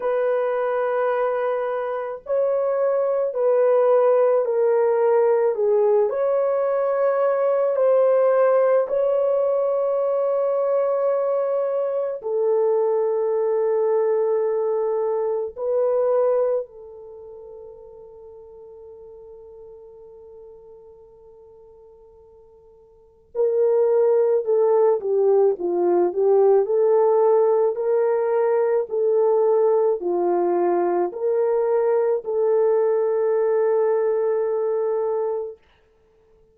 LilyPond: \new Staff \with { instrumentName = "horn" } { \time 4/4 \tempo 4 = 54 b'2 cis''4 b'4 | ais'4 gis'8 cis''4. c''4 | cis''2. a'4~ | a'2 b'4 a'4~ |
a'1~ | a'4 ais'4 a'8 g'8 f'8 g'8 | a'4 ais'4 a'4 f'4 | ais'4 a'2. | }